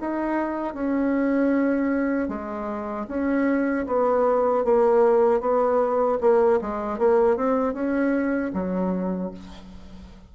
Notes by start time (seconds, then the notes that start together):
0.00 D#4
0.74 C#4
2.28 G#3
3.07 C#4
3.86 B3
4.64 A#3
5.40 B3
6.20 A#3
6.61 G#3
6.98 A#3
7.36 C4
7.73 C#4
8.53 F#3